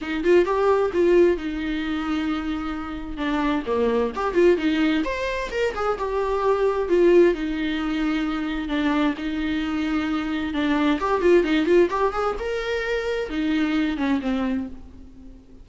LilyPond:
\new Staff \with { instrumentName = "viola" } { \time 4/4 \tempo 4 = 131 dis'8 f'8 g'4 f'4 dis'4~ | dis'2. d'4 | ais4 g'8 f'8 dis'4 c''4 | ais'8 gis'8 g'2 f'4 |
dis'2. d'4 | dis'2. d'4 | g'8 f'8 dis'8 f'8 g'8 gis'8 ais'4~ | ais'4 dis'4. cis'8 c'4 | }